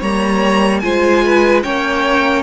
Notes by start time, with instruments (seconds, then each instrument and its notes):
0.00 cello G3, viola A#3, violin C#5 A#5
0.79 cello G#3, viola F4, violin C5 G#5
1.25 violin B4
1.63 cello A#3, viola C#4, violin C#5 G5